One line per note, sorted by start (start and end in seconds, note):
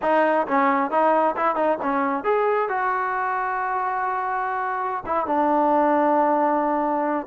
0.02 0.47 D#4
0.47 0.90 C#4
0.90 1.35 D#4
1.36 1.55 E4
1.55 1.78 D#4
1.82 2.24 C#4
2.24 2.68 G#4
2.68 5.04 F#4
5.06 5.26 E4
5.26 7.27 D4